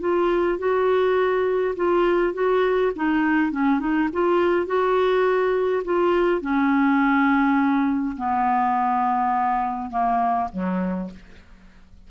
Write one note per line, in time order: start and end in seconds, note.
0.00 0.58 F4
0.58 1.75 F#4
1.76 2.34 F4
2.34 2.92 F#4
2.95 3.51 D#4
3.51 3.79 C#4
3.79 4.09 D#4
4.13 4.66 F4
4.66 5.83 F#4
5.84 6.41 F4
6.41 8.16 C#4
8.17 9.90 B3
9.90 10.49 A#3
10.52 11.11 F#3